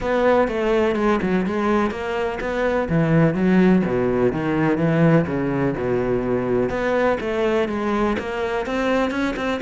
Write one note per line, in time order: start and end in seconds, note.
0.00 0.48 B3
0.48 0.95 A3
0.95 1.19 G#3
1.21 1.45 F#3
1.46 1.90 G#3
1.90 2.38 A#3
2.40 2.88 B3
2.89 3.34 E3
3.34 3.82 F#3
3.85 4.32 B2
4.32 4.77 D#3
4.77 5.25 E3
5.26 5.74 C#3
5.76 6.69 B2
6.69 7.17 B3
7.20 7.68 A3
7.68 8.16 G#3
8.18 8.66 A#3
8.66 9.10 C4
9.10 9.34 C#4
9.36 9.60 C4